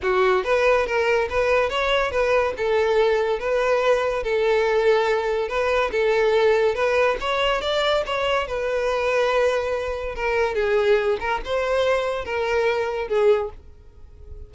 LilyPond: \new Staff \with { instrumentName = "violin" } { \time 4/4 \tempo 4 = 142 fis'4 b'4 ais'4 b'4 | cis''4 b'4 a'2 | b'2 a'2~ | a'4 b'4 a'2 |
b'4 cis''4 d''4 cis''4 | b'1 | ais'4 gis'4. ais'8 c''4~ | c''4 ais'2 gis'4 | }